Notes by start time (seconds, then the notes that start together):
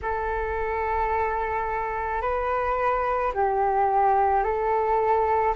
0.02 A4
2.21 B4
3.34 G4
4.43 A4